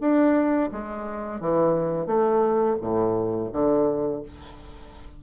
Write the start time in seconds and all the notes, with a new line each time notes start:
0.00 D4
0.72 G#3
1.40 E3
2.06 A3
2.81 A2
3.52 D3